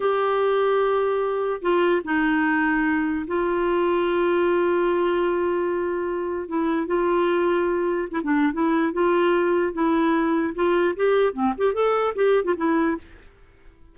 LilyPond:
\new Staff \with { instrumentName = "clarinet" } { \time 4/4 \tempo 4 = 148 g'1 | f'4 dis'2. | f'1~ | f'1 |
e'4 f'2. | e'16 d'8. e'4 f'2 | e'2 f'4 g'4 | c'8 g'8 a'4 g'8. f'16 e'4 | }